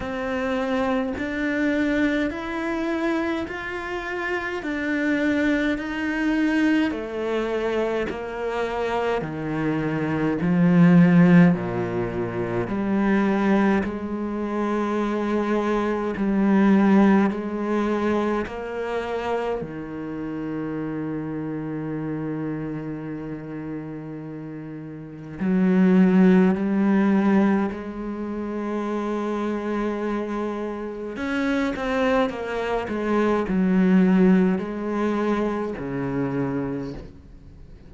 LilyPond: \new Staff \with { instrumentName = "cello" } { \time 4/4 \tempo 4 = 52 c'4 d'4 e'4 f'4 | d'4 dis'4 a4 ais4 | dis4 f4 ais,4 g4 | gis2 g4 gis4 |
ais4 dis2.~ | dis2 fis4 g4 | gis2. cis'8 c'8 | ais8 gis8 fis4 gis4 cis4 | }